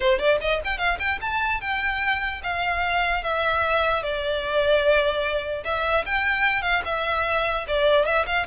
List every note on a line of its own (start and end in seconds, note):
0.00 0.18 C5
0.18 0.38 D5
0.40 0.61 D#5
0.64 0.78 G5
0.78 0.98 F5
0.99 1.19 G5
1.21 1.61 A5
1.61 2.41 G5
2.43 3.23 F5
3.23 4.02 E5
4.02 5.63 D5
5.64 6.04 E5
6.05 6.62 G5
6.62 6.82 F5
6.85 7.65 E5
7.67 8.05 D5
8.05 8.25 E5
8.26 8.46 F5